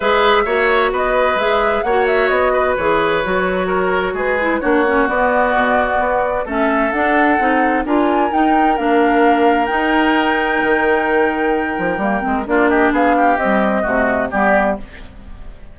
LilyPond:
<<
  \new Staff \with { instrumentName = "flute" } { \time 4/4 \tempo 4 = 130 e''2 dis''4 e''4 | fis''8 e''8 dis''4 cis''2~ | cis''4 b'4 cis''4 d''4~ | d''2 e''4 fis''4~ |
fis''4 gis''4 g''4 f''4~ | f''4 g''2.~ | g''2. d''8 dis''8 | f''4 dis''2 d''4 | }
  \new Staff \with { instrumentName = "oboe" } { \time 4/4 b'4 cis''4 b'2 | cis''4. b'2~ b'8 | ais'4 gis'4 fis'2~ | fis'2 a'2~ |
a'4 ais'2.~ | ais'1~ | ais'2. f'8 g'8 | gis'8 g'4. fis'4 g'4 | }
  \new Staff \with { instrumentName = "clarinet" } { \time 4/4 gis'4 fis'2 gis'4 | fis'2 gis'4 fis'4~ | fis'4. e'8 d'8 cis'8 b4~ | b2 cis'4 d'4 |
dis'4 f'4 dis'4 d'4~ | d'4 dis'2.~ | dis'2 ais8 c'8 d'4~ | d'4 g4 a4 b4 | }
  \new Staff \with { instrumentName = "bassoon" } { \time 4/4 gis4 ais4 b4 gis4 | ais4 b4 e4 fis4~ | fis4 gis4 ais4 b4 | b,4 b4 a4 d'4 |
c'4 d'4 dis'4 ais4~ | ais4 dis'2 dis4~ | dis4. f8 g8 gis8 ais4 | b4 c'4 c4 g4 | }
>>